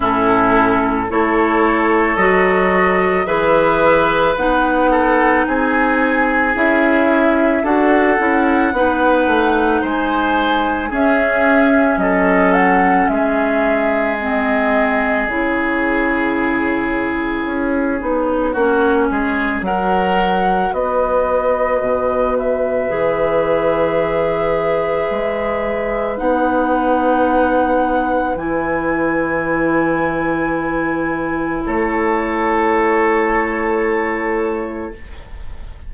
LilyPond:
<<
  \new Staff \with { instrumentName = "flute" } { \time 4/4 \tempo 4 = 55 a'4 cis''4 dis''4 e''4 | fis''4 gis''4 e''4 fis''4~ | fis''4 gis''4 e''4 dis''8 fis''8 | e''4 dis''4 cis''2~ |
cis''2 fis''4 dis''4~ | dis''8 e''2.~ e''8 | fis''2 gis''2~ | gis''4 cis''2. | }
  \new Staff \with { instrumentName = "oboe" } { \time 4/4 e'4 a'2 b'4~ | b'8 a'8 gis'2 a'4 | b'4 c''4 gis'4 a'4 | gis'1~ |
gis'4 fis'8 gis'8 ais'4 b'4~ | b'1~ | b'1~ | b'4 a'2. | }
  \new Staff \with { instrumentName = "clarinet" } { \time 4/4 cis'4 e'4 fis'4 gis'4 | dis'2 e'4 fis'8 e'8 | dis'2 cis'2~ | cis'4 c'4 e'2~ |
e'8 dis'8 cis'4 fis'2~ | fis'4 gis'2. | dis'2 e'2~ | e'1 | }
  \new Staff \with { instrumentName = "bassoon" } { \time 4/4 a,4 a4 fis4 e4 | b4 c'4 cis'4 d'8 cis'8 | b8 a8 gis4 cis'4 fis4 | gis2 cis2 |
cis'8 b8 ais8 gis8 fis4 b4 | b,4 e2 gis4 | b2 e2~ | e4 a2. | }
>>